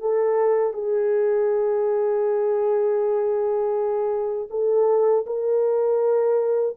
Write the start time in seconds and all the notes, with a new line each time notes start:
0.00 A4
0.73 G#4
4.50 A4
5.26 A#4